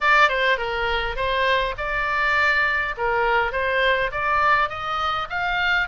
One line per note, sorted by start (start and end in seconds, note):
0.01 0.28 D5
0.28 0.57 C5
0.57 1.16 A#4
1.16 1.74 C5
1.77 2.95 D5
2.97 3.51 A#4
3.51 4.10 C5
4.11 4.69 D5
4.69 5.28 D#5
5.29 5.88 F5